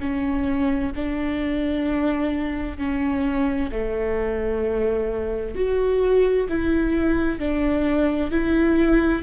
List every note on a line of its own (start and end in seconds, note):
0.00 0.92 C#4
0.95 2.78 D4
2.78 3.70 C#4
3.72 5.55 A3
5.55 6.47 F#4
6.49 7.39 E4
7.39 8.31 D4
8.31 9.23 E4